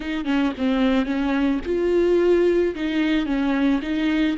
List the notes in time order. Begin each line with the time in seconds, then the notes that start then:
0.00 D#4
0.25 C#4
0.57 C4
1.05 C#4
1.65 F4
2.75 D#4
3.26 C#4
3.82 D#4